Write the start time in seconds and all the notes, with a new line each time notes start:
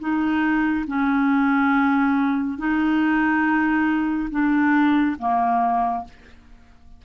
0.00 D#4
0.88 C#4
2.58 D#4
4.31 D4
5.19 A#3